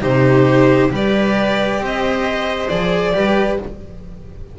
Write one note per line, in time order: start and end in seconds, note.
0.00 0.91 C3
0.00 0.89 D#4
0.00 0.90 G4
0.00 0.92 C5
0.89 1.80 G3
0.89 2.68 G4
0.89 1.81 B4
0.95 1.85 D5
1.80 2.70 C4
1.80 3.14 C5
1.80 2.69 D#5
2.69 3.15 F3
2.69 3.13 G#4
2.69 3.59 D5
3.13 3.60 G3
3.13 3.58 G4
3.13 3.59 B4